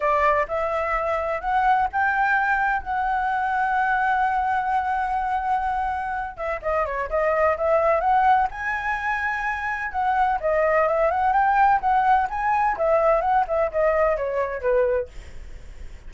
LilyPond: \new Staff \with { instrumentName = "flute" } { \time 4/4 \tempo 4 = 127 d''4 e''2 fis''4 | g''2 fis''2~ | fis''1~ | fis''4. e''8 dis''8 cis''8 dis''4 |
e''4 fis''4 gis''2~ | gis''4 fis''4 dis''4 e''8 fis''8 | g''4 fis''4 gis''4 e''4 | fis''8 e''8 dis''4 cis''4 b'4 | }